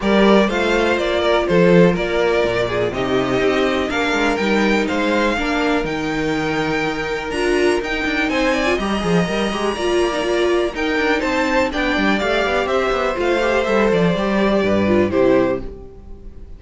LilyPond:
<<
  \new Staff \with { instrumentName = "violin" } { \time 4/4 \tempo 4 = 123 d''4 f''4 d''4 c''4 | d''2 dis''2 | f''4 g''4 f''2 | g''2. ais''4 |
g''4 gis''4 ais''2~ | ais''2 g''4 a''4 | g''4 f''4 e''4 f''4 | e''8 d''2~ d''8 c''4 | }
  \new Staff \with { instrumentName = "violin" } { \time 4/4 ais'4 c''4. ais'8 a'4 | ais'4. gis'8 g'2 | ais'2 c''4 ais'4~ | ais'1~ |
ais'4 c''8 d''8 dis''2 | d''2 ais'4 c''4 | d''2 c''2~ | c''2 b'4 g'4 | }
  \new Staff \with { instrumentName = "viola" } { \time 4/4 g'4 f'2.~ | f'2 dis'2 | d'4 dis'2 d'4 | dis'2. f'4 |
dis'4.~ dis'16 f'16 g'8 gis'8 ais'8 g'8 | f'8. dis'16 f'4 dis'2 | d'4 g'2 f'8 g'8 | a'4 g'4. f'8 e'4 | }
  \new Staff \with { instrumentName = "cello" } { \time 4/4 g4 a4 ais4 f4 | ais4 ais,4 c4 c'4 | ais8 gis8 g4 gis4 ais4 | dis2. d'4 |
dis'8 d'8 c'4 g8 f8 g8 gis8 | ais2 dis'8 d'8 c'4 | b8 g8 a8 b8 c'8 b8 a4 | g8 f8 g4 g,4 c4 | }
>>